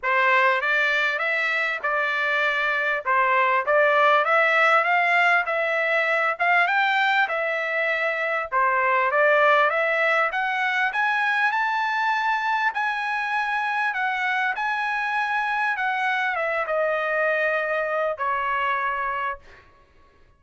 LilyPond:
\new Staff \with { instrumentName = "trumpet" } { \time 4/4 \tempo 4 = 99 c''4 d''4 e''4 d''4~ | d''4 c''4 d''4 e''4 | f''4 e''4. f''8 g''4 | e''2 c''4 d''4 |
e''4 fis''4 gis''4 a''4~ | a''4 gis''2 fis''4 | gis''2 fis''4 e''8 dis''8~ | dis''2 cis''2 | }